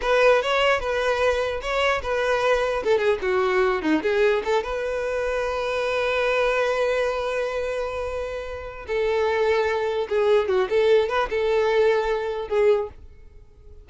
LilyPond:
\new Staff \with { instrumentName = "violin" } { \time 4/4 \tempo 4 = 149 b'4 cis''4 b'2 | cis''4 b'2 a'8 gis'8 | fis'4. dis'8 gis'4 a'8 b'8~ | b'1~ |
b'1~ | b'2 a'2~ | a'4 gis'4 fis'8 a'4 b'8 | a'2. gis'4 | }